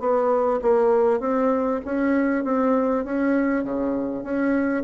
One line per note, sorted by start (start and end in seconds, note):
0.00 0.61 B3
0.62 1.20 A#3
1.20 1.81 C4
1.85 2.44 C#4
2.44 3.05 C4
3.05 3.64 C#4
3.64 4.23 C#3
4.23 4.84 C#4